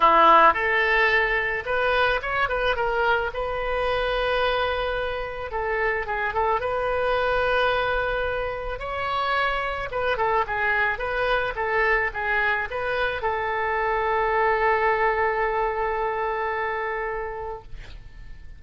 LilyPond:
\new Staff \with { instrumentName = "oboe" } { \time 4/4 \tempo 4 = 109 e'4 a'2 b'4 | cis''8 b'8 ais'4 b'2~ | b'2 a'4 gis'8 a'8 | b'1 |
cis''2 b'8 a'8 gis'4 | b'4 a'4 gis'4 b'4 | a'1~ | a'1 | }